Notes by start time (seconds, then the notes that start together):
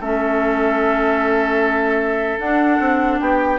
0.00 A3 C#4 A4 E5
2.39 D4 F#5
2.79 C4
3.20 B3 G4 G5